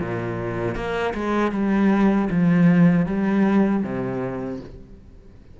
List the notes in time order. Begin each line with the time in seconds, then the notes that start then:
0.00 A#2
0.75 A#3
1.14 G#3
1.52 G3
2.30 F3
3.06 G3
3.83 C3